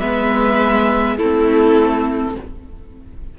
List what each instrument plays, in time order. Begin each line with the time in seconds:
0.00 cello G#3, viola B3, violin B4 E5
1.17 cello A3, viola C4, violin E4 A4